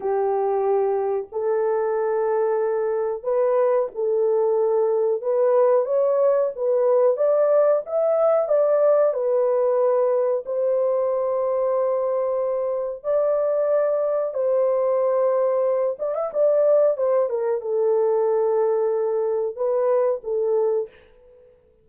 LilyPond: \new Staff \with { instrumentName = "horn" } { \time 4/4 \tempo 4 = 92 g'2 a'2~ | a'4 b'4 a'2 | b'4 cis''4 b'4 d''4 | e''4 d''4 b'2 |
c''1 | d''2 c''2~ | c''8 d''16 e''16 d''4 c''8 ais'8 a'4~ | a'2 b'4 a'4 | }